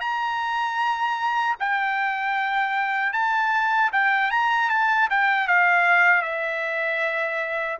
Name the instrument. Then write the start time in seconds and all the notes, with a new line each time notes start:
trumpet
0.00 A#5
1.59 G5
3.12 A5
3.92 G5
4.31 A#5
4.69 A5
5.10 G5
5.47 F5
6.22 E5